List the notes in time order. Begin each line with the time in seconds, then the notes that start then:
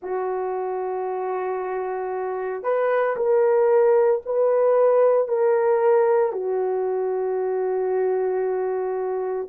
0.02 F#4
2.63 B4
3.16 A#4
4.25 B4
5.28 A#4
6.32 F#4